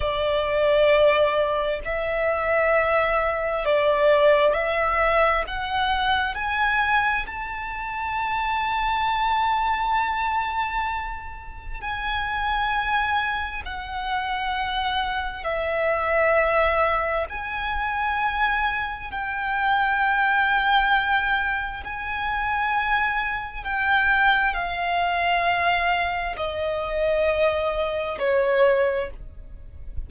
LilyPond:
\new Staff \with { instrumentName = "violin" } { \time 4/4 \tempo 4 = 66 d''2 e''2 | d''4 e''4 fis''4 gis''4 | a''1~ | a''4 gis''2 fis''4~ |
fis''4 e''2 gis''4~ | gis''4 g''2. | gis''2 g''4 f''4~ | f''4 dis''2 cis''4 | }